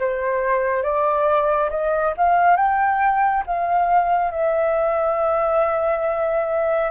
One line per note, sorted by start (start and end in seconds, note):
0.00 0.83 C5
0.83 1.70 D5
1.71 2.14 D#5
2.18 2.57 F5
2.57 3.44 G5
3.47 4.32 F5
4.32 6.92 E5